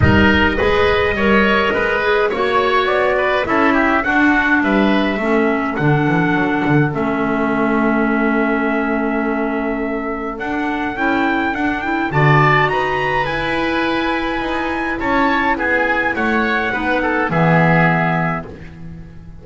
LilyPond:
<<
  \new Staff \with { instrumentName = "trumpet" } { \time 4/4 \tempo 4 = 104 dis''1 | cis''4 d''4 e''4 fis''4 | e''2 fis''2 | e''1~ |
e''2 fis''4 g''4 | fis''8 g''8 a''4 ais''4 gis''4~ | gis''2 a''4 gis''4 | fis''2 e''2 | }
  \new Staff \with { instrumentName = "oboe" } { \time 4/4 ais'4 b'4 cis''4 b'4 | cis''4. b'8 a'8 g'8 fis'4 | b'4 a'2.~ | a'1~ |
a'1~ | a'4 d''4 b'2~ | b'2 cis''4 gis'4 | cis''4 b'8 a'8 gis'2 | }
  \new Staff \with { instrumentName = "clarinet" } { \time 4/4 dis'4 gis'4 ais'4. gis'8 | fis'2 e'4 d'4~ | d'4 cis'4 d'2 | cis'1~ |
cis'2 d'4 e'4 | d'8 e'8 fis'2 e'4~ | e'1~ | e'4 dis'4 b2 | }
  \new Staff \with { instrumentName = "double bass" } { \time 4/4 g4 gis4 g4 gis4 | ais4 b4 cis'4 d'4 | g4 a4 d8 e8 fis8 d8 | a1~ |
a2 d'4 cis'4 | d'4 d4 dis'4 e'4~ | e'4 dis'4 cis'4 b4 | a4 b4 e2 | }
>>